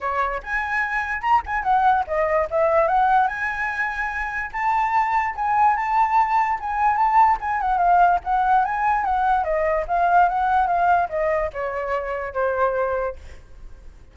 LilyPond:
\new Staff \with { instrumentName = "flute" } { \time 4/4 \tempo 4 = 146 cis''4 gis''2 ais''8 gis''8 | fis''4 dis''4 e''4 fis''4 | gis''2. a''4~ | a''4 gis''4 a''2 |
gis''4 a''4 gis''8 fis''8 f''4 | fis''4 gis''4 fis''4 dis''4 | f''4 fis''4 f''4 dis''4 | cis''2 c''2 | }